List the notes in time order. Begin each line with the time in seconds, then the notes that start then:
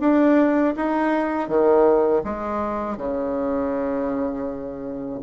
0.00 D4
0.76 D#4
1.48 D#3
2.24 G#3
2.97 C#3